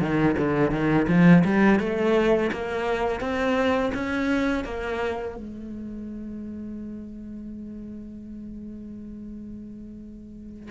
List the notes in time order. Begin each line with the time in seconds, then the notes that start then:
0.00 D#3
0.37 D3
0.70 D#3
1.08 F3
1.44 G3
1.79 A3
2.52 A#3
3.20 C4
3.94 C#4
4.64 A#3
5.35 G#3